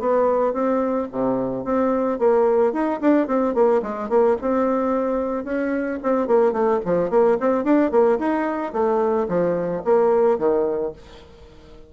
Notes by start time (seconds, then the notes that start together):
0.00 B3
0.54 C4
1.12 C3
1.65 C4
2.19 A#3
2.73 D#4
3.01 D4
3.28 C4
3.55 A#3
3.83 G#3
4.10 A#3
4.42 C4
5.45 C#4
6.03 C4
6.28 A#3
6.53 A3
6.86 F3
7.11 A#3
7.41 C4
7.64 D4
7.92 A#3
8.19 D#4
8.73 A3
9.29 F3
9.85 A#3
10.39 D#3